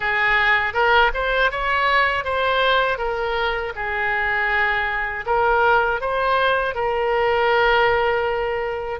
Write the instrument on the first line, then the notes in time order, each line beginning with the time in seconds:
oboe
0.00 G#4
0.73 A#4
1.14 C5
1.51 C#5
2.24 C5
2.98 A#4
3.75 G#4
5.26 A#4
6.00 C5
6.75 A#4